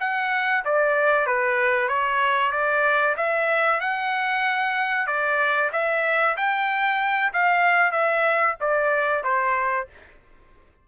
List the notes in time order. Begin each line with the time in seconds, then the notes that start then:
0.00 F#5
0.65 D5
1.27 B4
1.89 C#5
2.52 D5
3.17 E5
3.81 F#5
5.07 D5
5.72 E5
6.37 G5
7.33 F5
7.92 E5
8.61 D5
9.24 C5